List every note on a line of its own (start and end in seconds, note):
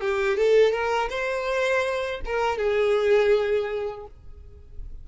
0.00 0.37 G4
0.37 0.72 A4
0.72 1.09 A#4
1.09 2.20 C5
2.25 2.58 A#4
2.58 4.06 G#4